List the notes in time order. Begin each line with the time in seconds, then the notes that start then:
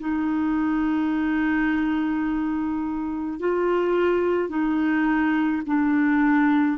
0.00 D#4
3.40 F4
4.49 D#4
5.67 D4